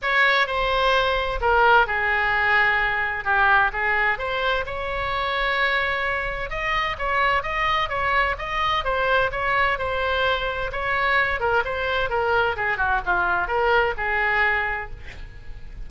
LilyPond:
\new Staff \with { instrumentName = "oboe" } { \time 4/4 \tempo 4 = 129 cis''4 c''2 ais'4 | gis'2. g'4 | gis'4 c''4 cis''2~ | cis''2 dis''4 cis''4 |
dis''4 cis''4 dis''4 c''4 | cis''4 c''2 cis''4~ | cis''8 ais'8 c''4 ais'4 gis'8 fis'8 | f'4 ais'4 gis'2 | }